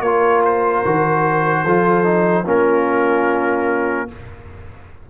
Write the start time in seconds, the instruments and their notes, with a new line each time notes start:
0.00 tuba A#3, trombone F4, horn A#4, trumpet C#5
0.44 trumpet C5
0.84 tuba D#3, trombone F#4
1.64 tuba F3, trombone F4, horn A4
2.03 trombone D#4
2.45 tuba A#3, trombone C#4, horn F4, trumpet A#4